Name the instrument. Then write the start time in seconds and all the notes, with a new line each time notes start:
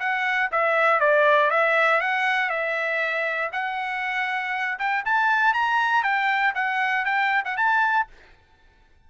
trumpet
0.00 F#5
0.52 E5
1.00 D5
1.51 E5
2.01 F#5
2.50 E5
3.53 F#5
4.79 G5
5.06 A5
5.54 A#5
6.03 G5
6.55 F#5
7.05 G5
7.45 F#5
7.57 A5